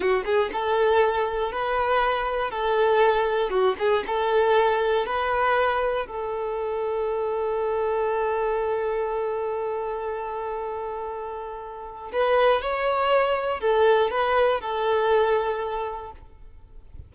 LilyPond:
\new Staff \with { instrumentName = "violin" } { \time 4/4 \tempo 4 = 119 fis'8 gis'8 a'2 b'4~ | b'4 a'2 fis'8 gis'8 | a'2 b'2 | a'1~ |
a'1~ | a'1 | b'4 cis''2 a'4 | b'4 a'2. | }